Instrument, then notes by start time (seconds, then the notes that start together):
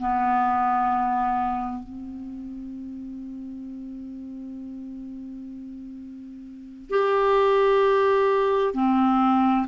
clarinet
0.00 B3
1.83 C4
6.90 G4
8.74 C4